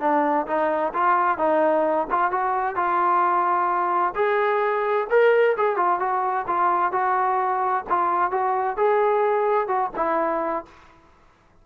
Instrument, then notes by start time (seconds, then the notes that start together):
trombone
0.00 D4
0.47 D#4
0.93 F4
1.38 D#4
2.10 F4
2.31 F#4
2.76 F4
4.15 G#4
5.10 A#4
5.57 G#4
5.77 F4
6.00 F#4
6.47 F4
6.92 F#4
7.89 F4
8.31 F#4
8.77 G#4
9.67 F#4
9.96 E4